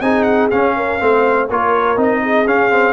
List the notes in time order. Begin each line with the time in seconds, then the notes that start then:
0.00 C4 D#4 G#4 G#5
0.22 F#5
0.50 C#4 F5
0.76 A#4
0.99 A3 C4 C5
1.48 A#3 F4 A#4 C#5
1.96 C4 D#4 D#5
2.22 G#4
2.45 C#4 F5
2.69 C4